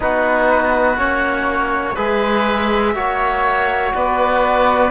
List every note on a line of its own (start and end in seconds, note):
0.00 0.98 B3
0.00 0.97 D#4
0.00 1.94 F#4
0.00 0.98 B4
0.97 1.96 A#3
0.97 1.95 C#4
0.97 1.95 C#5
1.94 2.94 G#3
1.94 2.95 G#4
1.94 2.92 B4
1.94 3.92 E5
2.94 3.93 A#3
2.94 4.90 F#4
2.94 3.94 C#5
3.94 4.90 B3
3.94 4.90 B4
3.94 4.90 D5